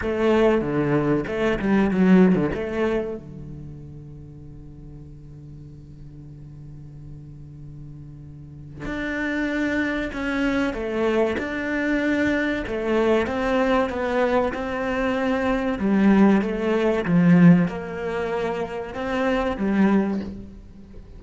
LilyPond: \new Staff \with { instrumentName = "cello" } { \time 4/4 \tempo 4 = 95 a4 d4 a8 g8 fis8. d16 | a4 d2.~ | d1~ | d2 d'2 |
cis'4 a4 d'2 | a4 c'4 b4 c'4~ | c'4 g4 a4 f4 | ais2 c'4 g4 | }